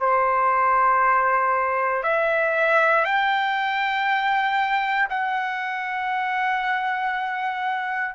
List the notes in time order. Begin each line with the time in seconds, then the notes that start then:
0.00 C5
2.03 E5
3.05 G5
5.09 F#5